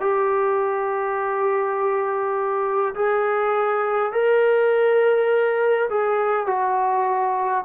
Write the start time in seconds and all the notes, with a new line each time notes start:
0.00 G4
2.95 G#4
4.12 A#4
5.89 G#4
6.47 F#4